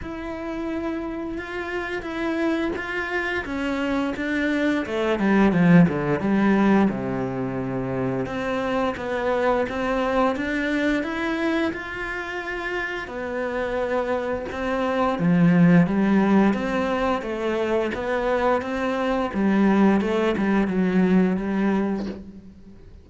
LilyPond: \new Staff \with { instrumentName = "cello" } { \time 4/4 \tempo 4 = 87 e'2 f'4 e'4 | f'4 cis'4 d'4 a8 g8 | f8 d8 g4 c2 | c'4 b4 c'4 d'4 |
e'4 f'2 b4~ | b4 c'4 f4 g4 | c'4 a4 b4 c'4 | g4 a8 g8 fis4 g4 | }